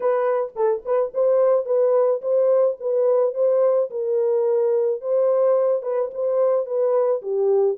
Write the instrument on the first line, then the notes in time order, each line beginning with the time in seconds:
horn
0.00 B4
0.55 A4
0.85 B4
1.13 C5
1.65 B4
2.21 C5
2.80 B4
3.34 C5
3.90 A#4
5.01 C5
5.82 B4
6.14 C5
6.66 B4
7.21 G4